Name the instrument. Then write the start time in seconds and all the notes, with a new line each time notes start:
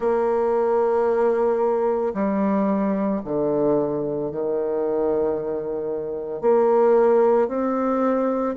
bassoon
0.00 A#3
2.14 G3
3.24 D3
4.31 D#3
6.41 A#3
7.48 C4